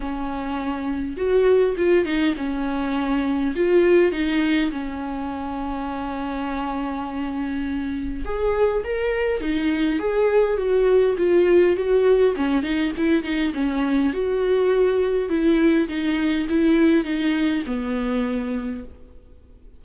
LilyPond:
\new Staff \with { instrumentName = "viola" } { \time 4/4 \tempo 4 = 102 cis'2 fis'4 f'8 dis'8 | cis'2 f'4 dis'4 | cis'1~ | cis'2 gis'4 ais'4 |
dis'4 gis'4 fis'4 f'4 | fis'4 cis'8 dis'8 e'8 dis'8 cis'4 | fis'2 e'4 dis'4 | e'4 dis'4 b2 | }